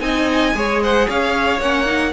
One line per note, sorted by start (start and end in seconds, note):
0.00 0.53 C4
0.00 0.53 D#4
0.00 0.55 D#5
0.00 0.79 G#5
0.54 1.07 G#3
0.54 1.60 G#4
0.54 0.83 C#5
0.83 1.07 C5
0.83 1.09 F#5
1.07 1.59 C#4
1.07 2.12 C#5
1.07 1.60 F5
1.59 2.12 A#3
1.59 1.85 C#4
1.59 2.13 F#5
1.85 2.12 D#4